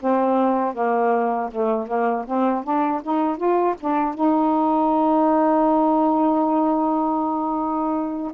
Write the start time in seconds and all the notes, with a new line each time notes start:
0.00 C4
0.74 A#3
1.51 A3
1.87 A#3
2.26 C4
2.63 D4
3.03 D#4
3.37 F4
3.80 D4
4.14 D#4